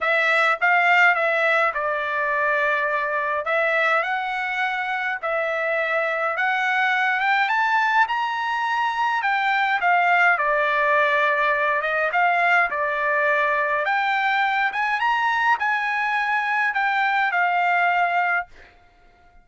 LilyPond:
\new Staff \with { instrumentName = "trumpet" } { \time 4/4 \tempo 4 = 104 e''4 f''4 e''4 d''4~ | d''2 e''4 fis''4~ | fis''4 e''2 fis''4~ | fis''8 g''8 a''4 ais''2 |
g''4 f''4 d''2~ | d''8 dis''8 f''4 d''2 | g''4. gis''8 ais''4 gis''4~ | gis''4 g''4 f''2 | }